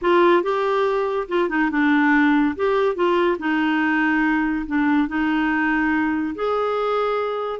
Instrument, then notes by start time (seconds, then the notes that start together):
clarinet
0.01 F4
0.42 G4
1.28 F4
1.49 D#4
1.70 D4
2.56 G4
2.95 F4
3.38 D#4
4.66 D4
5.08 D#4
6.35 G#4